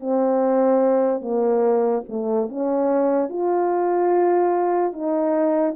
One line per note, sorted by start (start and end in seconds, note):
0.00 1.21 C4
1.21 2.04 A#3
2.09 2.49 A3
2.49 3.29 C#4
3.29 4.93 F4
4.93 5.75 D#4